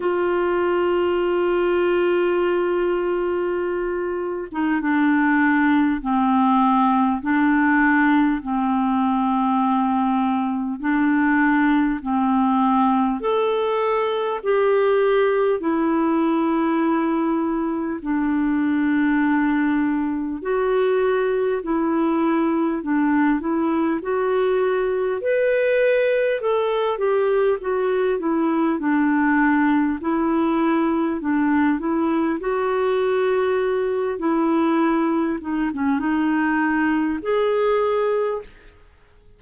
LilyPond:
\new Staff \with { instrumentName = "clarinet" } { \time 4/4 \tempo 4 = 50 f'2.~ f'8. dis'16 | d'4 c'4 d'4 c'4~ | c'4 d'4 c'4 a'4 | g'4 e'2 d'4~ |
d'4 fis'4 e'4 d'8 e'8 | fis'4 b'4 a'8 g'8 fis'8 e'8 | d'4 e'4 d'8 e'8 fis'4~ | fis'8 e'4 dis'16 cis'16 dis'4 gis'4 | }